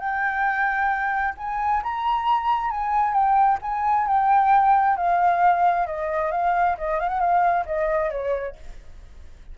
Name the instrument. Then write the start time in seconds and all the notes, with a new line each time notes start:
flute
0.00 G5
1.38 G#5
1.84 A#5
2.71 G#5
3.14 G5
3.62 G#5
4.08 G5
4.97 F5
5.87 D#5
6.32 F5
6.78 D#5
7.00 F5
7.09 F#5
7.20 F5
7.66 D#5
8.11 C#5